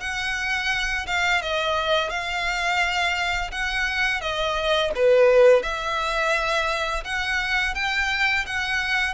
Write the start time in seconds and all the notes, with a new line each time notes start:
0.00 F#5
1.06 F5
1.41 D#5
2.10 F5
3.51 F#5
4.20 D#5
4.95 B4
5.62 E5
7.04 F#5
7.74 G5
8.46 F#5